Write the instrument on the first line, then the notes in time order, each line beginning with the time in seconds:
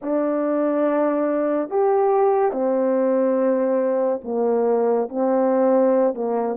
horn
0.02 D4
1.70 G4
2.51 C4
4.24 A#3
5.08 C4
6.14 A#3